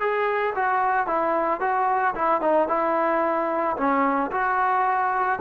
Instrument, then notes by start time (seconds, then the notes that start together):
trombone
0.00 G#4
0.55 F#4
1.07 E4
1.60 F#4
2.15 E4
2.41 D#4
2.68 E4
3.77 C#4
4.31 F#4